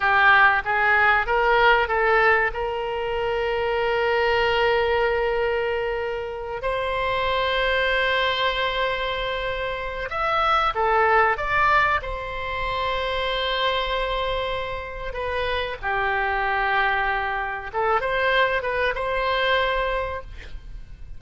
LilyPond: \new Staff \with { instrumentName = "oboe" } { \time 4/4 \tempo 4 = 95 g'4 gis'4 ais'4 a'4 | ais'1~ | ais'2~ ais'8 c''4.~ | c''1 |
e''4 a'4 d''4 c''4~ | c''1 | b'4 g'2. | a'8 c''4 b'8 c''2 | }